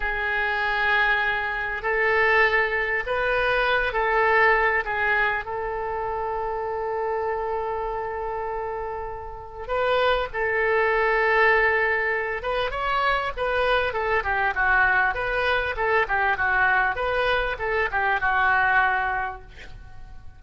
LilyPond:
\new Staff \with { instrumentName = "oboe" } { \time 4/4 \tempo 4 = 99 gis'2. a'4~ | a'4 b'4. a'4. | gis'4 a'2.~ | a'1 |
b'4 a'2.~ | a'8 b'8 cis''4 b'4 a'8 g'8 | fis'4 b'4 a'8 g'8 fis'4 | b'4 a'8 g'8 fis'2 | }